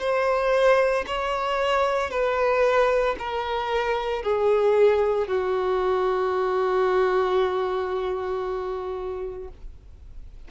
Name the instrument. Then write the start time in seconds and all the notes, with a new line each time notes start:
violin
0.00 C5
1.07 C#5
2.11 B4
3.19 A#4
4.23 G#4
5.28 F#4